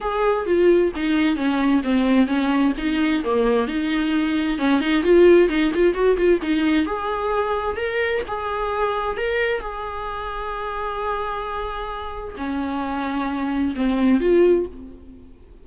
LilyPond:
\new Staff \with { instrumentName = "viola" } { \time 4/4 \tempo 4 = 131 gis'4 f'4 dis'4 cis'4 | c'4 cis'4 dis'4 ais4 | dis'2 cis'8 dis'8 f'4 | dis'8 f'8 fis'8 f'8 dis'4 gis'4~ |
gis'4 ais'4 gis'2 | ais'4 gis'2.~ | gis'2. cis'4~ | cis'2 c'4 f'4 | }